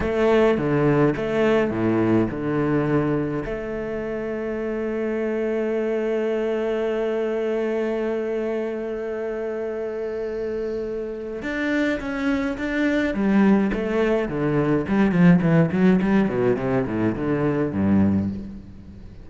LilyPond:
\new Staff \with { instrumentName = "cello" } { \time 4/4 \tempo 4 = 105 a4 d4 a4 a,4 | d2 a2~ | a1~ | a1~ |
a1 | d'4 cis'4 d'4 g4 | a4 d4 g8 f8 e8 fis8 | g8 b,8 c8 a,8 d4 g,4 | }